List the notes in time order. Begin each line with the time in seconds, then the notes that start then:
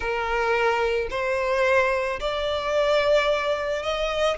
0.00 A#4
1.10 C5
2.20 D5
3.82 D#5